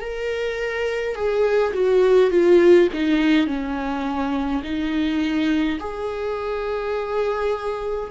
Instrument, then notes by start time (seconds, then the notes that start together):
viola
0.00 A#4
1.15 G#4
1.73 F#4
2.30 F4
2.93 D#4
3.47 C#4
4.63 D#4
5.79 G#4